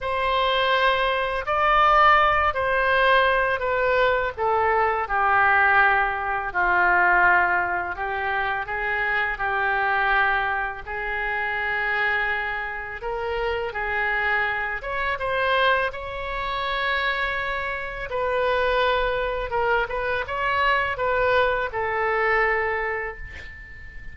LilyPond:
\new Staff \with { instrumentName = "oboe" } { \time 4/4 \tempo 4 = 83 c''2 d''4. c''8~ | c''4 b'4 a'4 g'4~ | g'4 f'2 g'4 | gis'4 g'2 gis'4~ |
gis'2 ais'4 gis'4~ | gis'8 cis''8 c''4 cis''2~ | cis''4 b'2 ais'8 b'8 | cis''4 b'4 a'2 | }